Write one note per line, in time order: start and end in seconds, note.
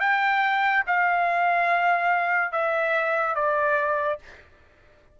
0.00 0.83 G5
0.87 2.52 F5
2.52 3.35 E5
3.35 4.19 D5